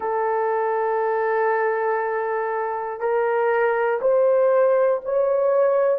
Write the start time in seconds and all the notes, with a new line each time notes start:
0.00 A4
3.00 A#4
4.01 C5
5.05 C#5